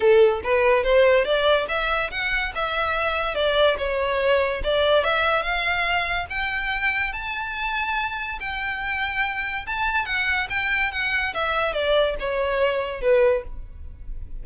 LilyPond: \new Staff \with { instrumentName = "violin" } { \time 4/4 \tempo 4 = 143 a'4 b'4 c''4 d''4 | e''4 fis''4 e''2 | d''4 cis''2 d''4 | e''4 f''2 g''4~ |
g''4 a''2. | g''2. a''4 | fis''4 g''4 fis''4 e''4 | d''4 cis''2 b'4 | }